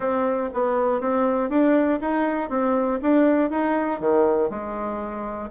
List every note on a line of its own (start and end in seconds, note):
0.00 0.50 C4
0.53 1.00 B3
1.00 1.49 C4
1.49 1.99 D4
2.00 2.49 D#4
2.49 2.99 C4
3.02 3.50 D4
3.50 4.00 D#4
4.00 4.50 D#3
4.50 5.50 G#3